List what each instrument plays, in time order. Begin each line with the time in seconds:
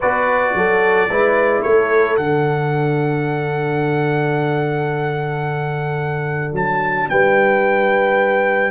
0.00 tuba B3, trombone F#4, horn B4, trumpet D5
0.54 tuba F#3, horn A4
1.09 tuba G#3, trombone E4, horn B4
1.61 tuba A3, horn A4, trumpet C#5
2.16 tuba D3, trombone D4, trumpet F#5
6.52 tuba F#3, trumpet A5
7.09 tuba G3, horn B4, trumpet G5